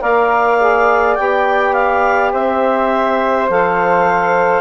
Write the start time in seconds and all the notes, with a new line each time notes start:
0.00 A#3 A#4 D5 F5
0.60 G#4
1.16 B3 G4 G5
1.74 F5
2.33 C4 C5 E5
3.49 F3 A4 F5